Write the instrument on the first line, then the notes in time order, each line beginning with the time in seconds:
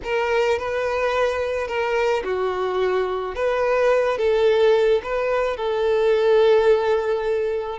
violin
0.03 A#4
0.58 B4
1.67 A#4
2.23 F#4
3.35 B4
4.18 A4
5.03 B4
5.57 A4